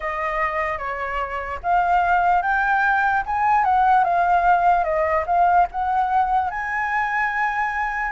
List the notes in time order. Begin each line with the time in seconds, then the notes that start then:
0.00 D#5
0.78 C#5
1.63 F5
2.41 G5
3.25 G#5
3.64 F#5
4.04 F5
4.84 D#5
5.26 F5
5.71 F#5
6.50 G#5